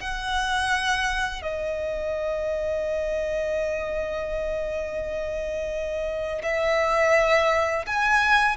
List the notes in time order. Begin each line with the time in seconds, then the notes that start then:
0.00 F#5
1.42 D#5
6.42 E5
7.86 G#5